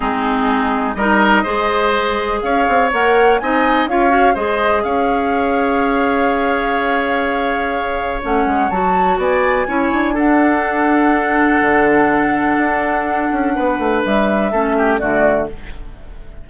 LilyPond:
<<
  \new Staff \with { instrumentName = "flute" } { \time 4/4 \tempo 4 = 124 gis'2 dis''2~ | dis''4 f''4 fis''4 gis''4 | f''4 dis''4 f''2~ | f''1~ |
f''4 fis''4 a''4 gis''4~ | gis''4 fis''2.~ | fis''1~ | fis''4 e''2 d''4 | }
  \new Staff \with { instrumentName = "oboe" } { \time 4/4 dis'2 ais'4 c''4~ | c''4 cis''2 dis''4 | cis''4 c''4 cis''2~ | cis''1~ |
cis''2. d''4 | cis''4 a'2.~ | a'1 | b'2 a'8 g'8 fis'4 | }
  \new Staff \with { instrumentName = "clarinet" } { \time 4/4 c'2 dis'4 gis'4~ | gis'2 ais'4 dis'4 | f'8 fis'8 gis'2.~ | gis'1~ |
gis'4 cis'4 fis'2 | e'4 d'2.~ | d'1~ | d'2 cis'4 a4 | }
  \new Staff \with { instrumentName = "bassoon" } { \time 4/4 gis2 g4 gis4~ | gis4 cis'8 c'8 ais4 c'4 | cis'4 gis4 cis'2~ | cis'1~ |
cis'4 a8 gis8 fis4 b4 | cis'8 d'2.~ d'8 | d2 d'4. cis'8 | b8 a8 g4 a4 d4 | }
>>